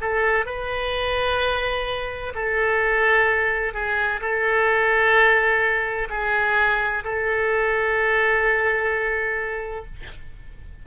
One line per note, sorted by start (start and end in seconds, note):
0.00 0.45 A4
0.45 2.33 B4
2.34 3.73 A4
3.73 4.20 G#4
4.20 6.08 A4
6.09 7.03 G#4
7.04 9.85 A4